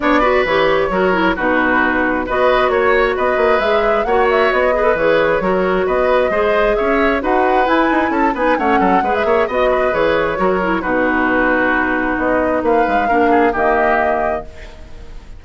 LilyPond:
<<
  \new Staff \with { instrumentName = "flute" } { \time 4/4 \tempo 4 = 133 d''4 cis''2 b'4~ | b'4 dis''4 cis''4 dis''4 | e''4 fis''8 e''8 dis''4 cis''4~ | cis''4 dis''2 e''4 |
fis''4 gis''4 a''8 gis''8 fis''4~ | fis''16 e''8. dis''4 cis''2 | b'2. dis''4 | f''2 dis''2 | }
  \new Staff \with { instrumentName = "oboe" } { \time 4/4 cis''8 b'4. ais'4 fis'4~ | fis'4 b'4 cis''4 b'4~ | b'4 cis''4. b'4. | ais'4 b'4 c''4 cis''4 |
b'2 a'8 b'8 cis''8 a'8 | b'8 cis''8 dis''8 b'4. ais'4 | fis'1 | b'4 ais'8 gis'8 g'2 | }
  \new Staff \with { instrumentName = "clarinet" } { \time 4/4 d'8 fis'8 g'4 fis'8 e'8 dis'4~ | dis'4 fis'2. | gis'4 fis'4. gis'16 a'16 gis'4 | fis'2 gis'2 |
fis'4 e'4. dis'8 cis'4 | gis'4 fis'4 gis'4 fis'8 e'8 | dis'1~ | dis'4 d'4 ais2 | }
  \new Staff \with { instrumentName = "bassoon" } { \time 4/4 b4 e4 fis4 b,4~ | b,4 b4 ais4 b8 ais8 | gis4 ais4 b4 e4 | fis4 b4 gis4 cis'4 |
dis'4 e'8 dis'8 cis'8 b8 a8 fis8 | gis8 ais8 b4 e4 fis4 | b,2. b4 | ais8 gis8 ais4 dis2 | }
>>